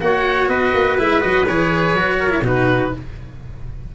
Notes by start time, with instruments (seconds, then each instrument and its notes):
0.00 tuba A#3, cello F#4, trumpet C#5, oboe F#5
0.48 tuba B3, trumpet B4, oboe D#5
0.73 tuba A#3
0.98 tuba G#3, cello E4, oboe E5
1.20 tuba F#3, cello F#4, oboe D#5
1.47 tuba E3, cello G#4, oboe C#5
1.93 tuba F#3, cello F#4
2.19 trumpet A#4
2.30 cello E4
2.41 tuba B2, cello D#4, trumpet F#4, oboe B4